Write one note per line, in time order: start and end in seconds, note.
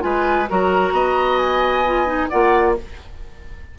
0.00 0.49 G#3
0.00 0.45 F4
0.00 0.49 B4
0.00 0.47 G#5
0.48 0.92 F#3
0.48 1.85 F#4
0.48 0.94 A#4
0.48 1.38 A#5
0.92 2.29 B3
0.92 2.30 D#5
1.38 2.29 G#5
1.86 2.06 F4
2.06 2.29 D#4
2.29 2.78 A#3
2.29 2.77 F4
2.29 2.75 D5
2.29 2.75 F#5